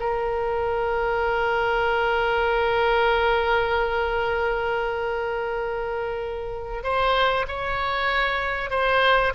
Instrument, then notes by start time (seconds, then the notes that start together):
oboe
0.00 A#4
6.83 C5
7.48 C#5
8.70 C5